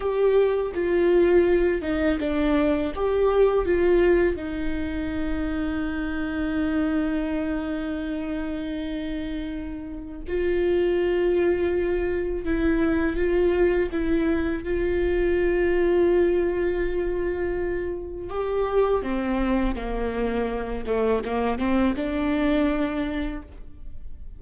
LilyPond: \new Staff \with { instrumentName = "viola" } { \time 4/4 \tempo 4 = 82 g'4 f'4. dis'8 d'4 | g'4 f'4 dis'2~ | dis'1~ | dis'2 f'2~ |
f'4 e'4 f'4 e'4 | f'1~ | f'4 g'4 c'4 ais4~ | ais8 a8 ais8 c'8 d'2 | }